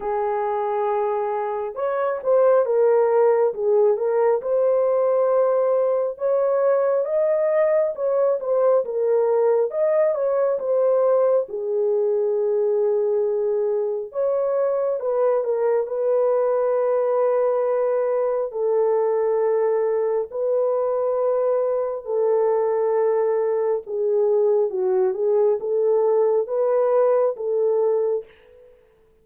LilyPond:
\new Staff \with { instrumentName = "horn" } { \time 4/4 \tempo 4 = 68 gis'2 cis''8 c''8 ais'4 | gis'8 ais'8 c''2 cis''4 | dis''4 cis''8 c''8 ais'4 dis''8 cis''8 | c''4 gis'2. |
cis''4 b'8 ais'8 b'2~ | b'4 a'2 b'4~ | b'4 a'2 gis'4 | fis'8 gis'8 a'4 b'4 a'4 | }